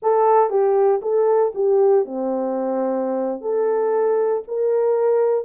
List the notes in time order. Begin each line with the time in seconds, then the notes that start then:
0.02 A4
0.49 G4
1.01 A4
1.54 G4
2.05 C4
3.41 A4
4.47 A#4